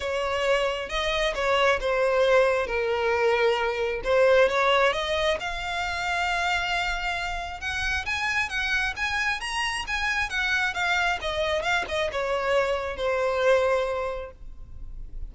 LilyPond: \new Staff \with { instrumentName = "violin" } { \time 4/4 \tempo 4 = 134 cis''2 dis''4 cis''4 | c''2 ais'2~ | ais'4 c''4 cis''4 dis''4 | f''1~ |
f''4 fis''4 gis''4 fis''4 | gis''4 ais''4 gis''4 fis''4 | f''4 dis''4 f''8 dis''8 cis''4~ | cis''4 c''2. | }